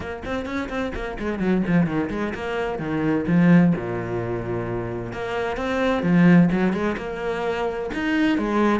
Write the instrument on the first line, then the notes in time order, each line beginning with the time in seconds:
cello
0.00 A#3
0.25 C4
0.45 C#4
0.69 C4
0.94 A#3
1.19 G#3
1.39 F#3
1.67 F3
1.86 D#3
2.10 G#3
2.34 A#3
2.78 D#3
3.27 F3
3.76 A#2
5.13 A#3
5.57 C4
6.02 F3
6.51 F#3
6.72 G#3
6.97 A#3
7.93 D#4
8.37 G#3